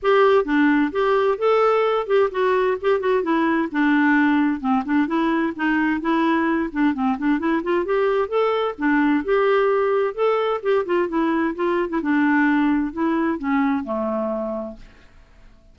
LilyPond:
\new Staff \with { instrumentName = "clarinet" } { \time 4/4 \tempo 4 = 130 g'4 d'4 g'4 a'4~ | a'8 g'8 fis'4 g'8 fis'8 e'4 | d'2 c'8 d'8 e'4 | dis'4 e'4. d'8 c'8 d'8 |
e'8 f'8 g'4 a'4 d'4 | g'2 a'4 g'8 f'8 | e'4 f'8. e'16 d'2 | e'4 cis'4 a2 | }